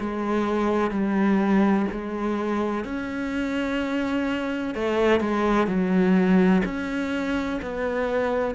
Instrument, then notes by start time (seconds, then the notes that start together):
cello
0.00 G#3
0.91 G3
1.92 G#3
2.84 C#4
4.75 A3
5.21 G#3
5.68 F#3
6.65 C#4
7.62 B3